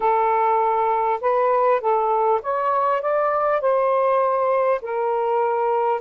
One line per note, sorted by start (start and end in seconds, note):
0.00 1.20 A4
1.20 1.80 B4
1.81 2.41 A4
2.42 3.01 C#5
3.01 3.60 D5
3.60 4.80 C5
4.81 6.00 A#4